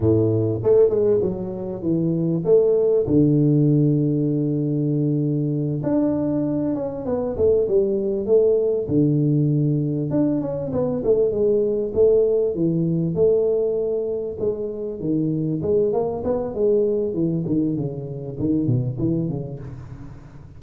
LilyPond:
\new Staff \with { instrumentName = "tuba" } { \time 4/4 \tempo 4 = 98 a,4 a8 gis8 fis4 e4 | a4 d2.~ | d4. d'4. cis'8 b8 | a8 g4 a4 d4.~ |
d8 d'8 cis'8 b8 a8 gis4 a8~ | a8 e4 a2 gis8~ | gis8 dis4 gis8 ais8 b8 gis4 | e8 dis8 cis4 dis8 b,8 e8 cis8 | }